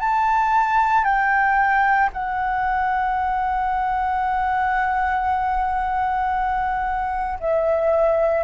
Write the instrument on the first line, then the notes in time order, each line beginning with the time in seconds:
flute
0.00 A5
1.04 G5
2.12 F#5
7.40 E5